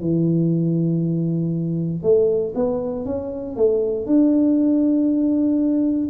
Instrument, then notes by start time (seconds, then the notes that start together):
tuba
0.00 E3
2.02 A3
2.55 B3
3.05 C#4
3.56 A3
4.06 D4